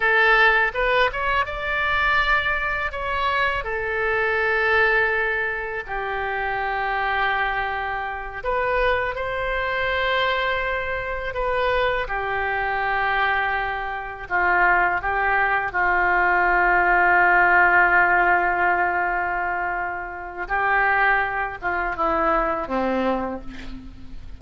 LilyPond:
\new Staff \with { instrumentName = "oboe" } { \time 4/4 \tempo 4 = 82 a'4 b'8 cis''8 d''2 | cis''4 a'2. | g'2.~ g'8 b'8~ | b'8 c''2. b'8~ |
b'8 g'2. f'8~ | f'8 g'4 f'2~ f'8~ | f'1 | g'4. f'8 e'4 c'4 | }